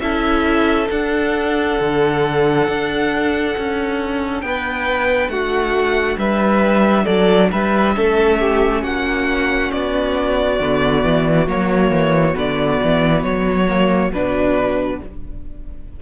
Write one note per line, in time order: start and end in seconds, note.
0.00 0.89 C#4
0.00 0.87 E4
0.00 4.44 A4
0.00 0.88 E5
0.87 7.92 D4
0.87 1.79 D4
0.87 4.42 F#5
1.80 2.68 D3
2.68 3.56 D4
3.58 4.43 C#4
4.42 5.29 B3
4.42 5.32 B4
4.42 5.30 G5
5.29 6.17 A3
5.29 6.19 F#4
5.29 6.18 F#5
6.18 7.06 G3
6.18 7.05 B4
6.18 7.06 E5
7.05 7.52 F#3
7.05 7.49 A4
7.05 7.50 D5
7.52 7.97 G3
7.52 7.96 B4
7.52 8.84 E5
7.95 8.83 A3
7.95 10.60 C#4
7.95 8.40 A4
8.40 8.83 G4
8.83 9.72 A#3
8.83 15.00 F#4
8.83 9.72 F#5
9.72 10.60 B3
9.72 11.48 D5
10.60 11.04 D3
10.60 11.48 B3
11.04 11.48 E3
11.48 11.91 F#3
11.48 12.34 A#3
11.48 12.37 C#5
11.91 12.35 E3
12.34 12.81 D3
12.34 13.66 B3
12.34 13.24 D5
12.84 13.24 E3
13.24 14.12 F#3
13.24 14.12 C#5
13.68 14.12 A#3
14.12 15.01 B2
14.12 15.03 D4
14.12 15.01 B4